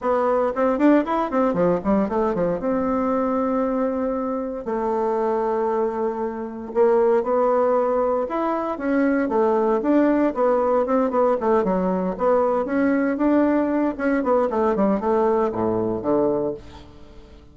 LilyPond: \new Staff \with { instrumentName = "bassoon" } { \time 4/4 \tempo 4 = 116 b4 c'8 d'8 e'8 c'8 f8 g8 | a8 f8 c'2.~ | c'4 a2.~ | a4 ais4 b2 |
e'4 cis'4 a4 d'4 | b4 c'8 b8 a8 fis4 b8~ | b8 cis'4 d'4. cis'8 b8 | a8 g8 a4 a,4 d4 | }